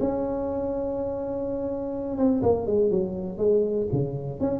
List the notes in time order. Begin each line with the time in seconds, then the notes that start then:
0.00 C#4
2.18 C4
2.43 A#3
2.67 G#3
2.91 F#3
3.38 G#3
3.92 C#3
4.40 C#4